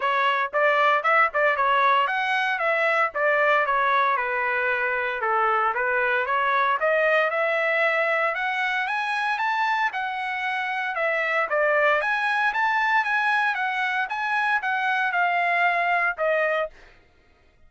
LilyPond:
\new Staff \with { instrumentName = "trumpet" } { \time 4/4 \tempo 4 = 115 cis''4 d''4 e''8 d''8 cis''4 | fis''4 e''4 d''4 cis''4 | b'2 a'4 b'4 | cis''4 dis''4 e''2 |
fis''4 gis''4 a''4 fis''4~ | fis''4 e''4 d''4 gis''4 | a''4 gis''4 fis''4 gis''4 | fis''4 f''2 dis''4 | }